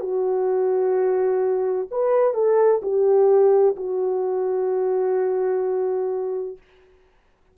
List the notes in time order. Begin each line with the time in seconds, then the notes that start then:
0.00 F#4
1.91 B4
2.34 A4
2.82 G4
3.76 F#4